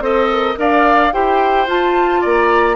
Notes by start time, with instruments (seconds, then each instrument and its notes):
0.00 bassoon C4, clarinet A4, flute C5, oboe D#5
0.31 flute A#4
0.56 bassoon D4, clarinet A#4, oboe D5, flute F5
1.13 bassoon E4, clarinet G4, oboe C5, flute G5
1.67 bassoon F4, clarinet F4, flute A5
2.21 bassoon A#3, oboe D5, flute A#5